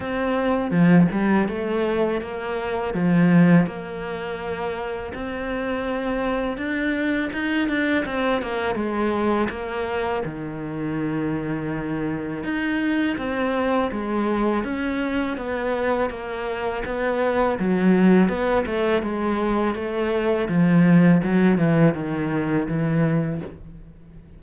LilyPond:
\new Staff \with { instrumentName = "cello" } { \time 4/4 \tempo 4 = 82 c'4 f8 g8 a4 ais4 | f4 ais2 c'4~ | c'4 d'4 dis'8 d'8 c'8 ais8 | gis4 ais4 dis2~ |
dis4 dis'4 c'4 gis4 | cis'4 b4 ais4 b4 | fis4 b8 a8 gis4 a4 | f4 fis8 e8 dis4 e4 | }